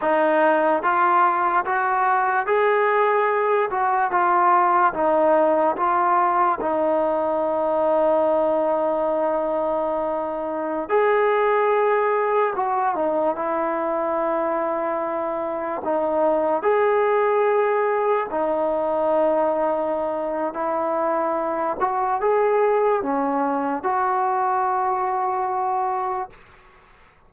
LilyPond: \new Staff \with { instrumentName = "trombone" } { \time 4/4 \tempo 4 = 73 dis'4 f'4 fis'4 gis'4~ | gis'8 fis'8 f'4 dis'4 f'4 | dis'1~ | dis'4~ dis'16 gis'2 fis'8 dis'16~ |
dis'16 e'2. dis'8.~ | dis'16 gis'2 dis'4.~ dis'16~ | dis'4 e'4. fis'8 gis'4 | cis'4 fis'2. | }